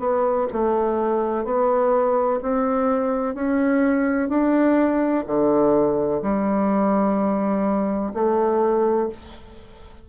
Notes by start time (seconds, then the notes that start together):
0.00 B3
0.53 A3
1.45 B3
2.43 C4
3.35 C#4
4.29 D4
5.27 D3
6.23 G3
8.14 A3